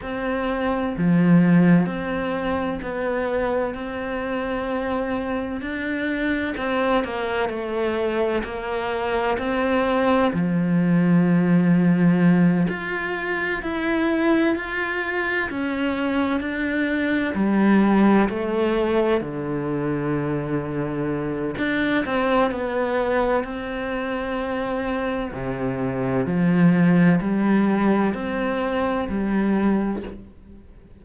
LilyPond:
\new Staff \with { instrumentName = "cello" } { \time 4/4 \tempo 4 = 64 c'4 f4 c'4 b4 | c'2 d'4 c'8 ais8 | a4 ais4 c'4 f4~ | f4. f'4 e'4 f'8~ |
f'8 cis'4 d'4 g4 a8~ | a8 d2~ d8 d'8 c'8 | b4 c'2 c4 | f4 g4 c'4 g4 | }